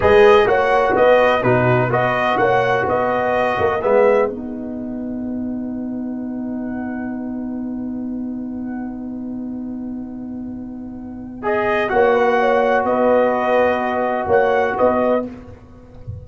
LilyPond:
<<
  \new Staff \with { instrumentName = "trumpet" } { \time 4/4 \tempo 4 = 126 dis''4 fis''4 dis''4 b'4 | dis''4 fis''4 dis''2 | e''4 fis''2.~ | fis''1~ |
fis''1~ | fis''1 | dis''4 fis''2 dis''4~ | dis''2 fis''4 dis''4 | }
  \new Staff \with { instrumentName = "horn" } { \time 4/4 b'4 cis''4 b'4 fis'4 | b'4 cis''4 b'2~ | b'1~ | b'1~ |
b'1~ | b'1~ | b'4 cis''8 b'8 cis''4 b'4~ | b'2 cis''4 b'4 | }
  \new Staff \with { instrumentName = "trombone" } { \time 4/4 gis'4 fis'2 dis'4 | fis'1 | b4 dis'2.~ | dis'1~ |
dis'1~ | dis'1 | gis'4 fis'2.~ | fis'1 | }
  \new Staff \with { instrumentName = "tuba" } { \time 4/4 gis4 ais4 b4 b,4 | b4 ais4 b4. ais8 | gis4 b2.~ | b1~ |
b1~ | b1~ | b4 ais2 b4~ | b2 ais4 b4 | }
>>